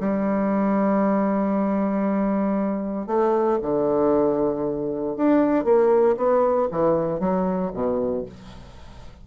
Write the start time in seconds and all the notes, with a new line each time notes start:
0.00 G3
3.07 A3
3.62 D3
5.16 D4
5.64 A#3
6.17 B3
6.71 E3
7.19 F#3
7.73 B2